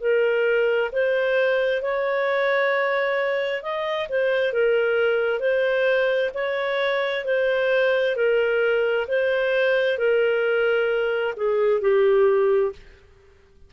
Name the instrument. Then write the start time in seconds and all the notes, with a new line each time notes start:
clarinet
0.00 A#4
0.92 C5
1.82 C#5
3.62 D#5
4.09 C5
4.53 A#4
5.40 C5
6.34 C#5
7.25 C5
8.16 A#4
9.07 C5
9.98 A#4
11.36 G#4
11.81 G4